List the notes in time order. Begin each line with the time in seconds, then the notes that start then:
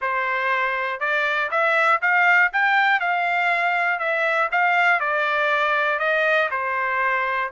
0.01 C5
1.00 D5
1.50 E5
2.01 F5
2.52 G5
3.00 F5
3.99 E5
4.51 F5
5.00 D5
5.99 D#5
6.50 C5